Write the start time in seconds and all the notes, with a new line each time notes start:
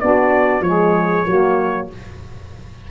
0.00 B3 D4 F#4 D5
0.61 F3 G#3 G#4 C#5
1.26 F#3 A#3 F#4